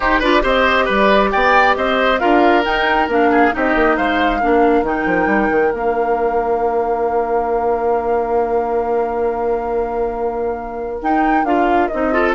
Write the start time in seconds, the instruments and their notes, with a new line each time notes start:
0.00 bassoon D#4, clarinet D#4, oboe G4, flute C5
0.19 bassoon D4, clarinet F4, oboe B4, flute D5
0.41 bassoon C4, clarinet G4, oboe C5, flute D#5
0.85 bassoon G3, oboe B4, flute D5
1.31 bassoon B3, oboe D5, flute G5
1.76 bassoon C4, oboe C5, flute D#5
2.19 bassoon D4, clarinet F4, oboe A#4, flute F5
2.64 clarinet D#4, bassoon D#4, flute G5
3.08 bassoon A#3, clarinet D4, flute F5
3.31 oboe G#4
3.51 bassoon C4, clarinet D#4, oboe G4
3.57 flute D#5
3.74 bassoon A#3
3.97 bassoon G#3, oboe C5, flute F5
4.40 bassoon A#3, clarinet D4, oboe A#4
4.82 bassoon D#3, clarinet D#4, flute G5
5.06 bassoon F3
5.26 bassoon G3
5.50 bassoon D#3
5.72 bassoon A#3, clarinet D4, flute F5
11.01 bassoon D#4, clarinet D#4, flute G5
11.44 bassoon D4, clarinet F4, flute F5
11.87 bassoon C4, flute D#5
11.93 clarinet D#4
12.12 clarinet F4, oboe A4